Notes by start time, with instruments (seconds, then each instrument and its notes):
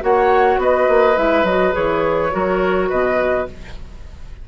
0.00 bassoon A#3, clarinet F#4, oboe C#5, flute F#5
0.57 bassoon B3, oboe B4, flute D#5
0.88 bassoon A#3
1.16 bassoon G#3, clarinet E4, flute E5
1.43 bassoon F#3, clarinet F#4, flute D#5
1.71 bassoon E3, clarinet G#4, flute C#5
2.31 bassoon F#3, clarinet F#4, oboe A#4
2.89 bassoon B2, oboe B4, flute D#5